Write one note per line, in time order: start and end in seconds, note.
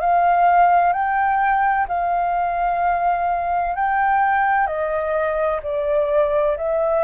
0.00 0.92 F5
0.92 1.86 G5
1.87 3.75 F5
3.75 4.66 G5
4.66 5.60 D#5
5.62 6.56 D5
6.57 7.04 E5